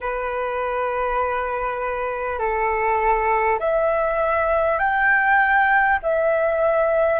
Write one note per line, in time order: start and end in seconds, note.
0.00 2.38 B4
2.38 3.58 A4
3.59 4.78 E5
4.78 5.98 G5
6.02 7.19 E5